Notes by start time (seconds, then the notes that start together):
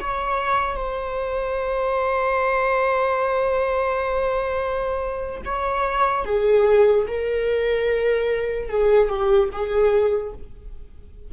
0.00 C#5
0.75 C5
5.45 C#5
6.25 G#4
7.07 A#4
8.69 G#4
9.09 G4
9.52 G#4